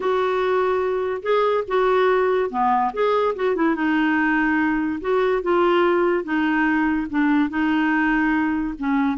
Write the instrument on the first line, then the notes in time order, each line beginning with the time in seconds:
clarinet
0.00 F#4
1.22 G#4
1.67 F#4
2.50 B3
2.93 G#4
3.35 F#4
3.55 E4
3.75 D#4
5.00 F#4
5.42 F4
6.23 D#4
7.10 D4
7.49 D#4
8.78 C#4